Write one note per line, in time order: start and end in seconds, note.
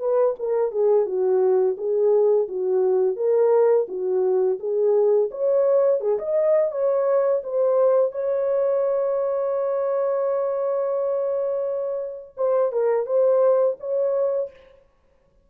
0.00 0.35 B4
0.39 0.72 A#4
0.72 1.06 G#4
1.06 1.77 F#4
1.78 2.48 G#4
2.49 3.17 F#4
3.17 3.87 A#4
3.89 4.59 F#4
4.60 5.30 G#4
5.31 6.01 C#5
6.01 6.19 G#4
6.19 6.72 D#5
6.72 7.42 C#5
7.44 8.12 C5
8.12 12.36 C#5
12.38 12.73 C5
12.73 13.07 A#4
13.07 13.77 C5
13.80 14.51 C#5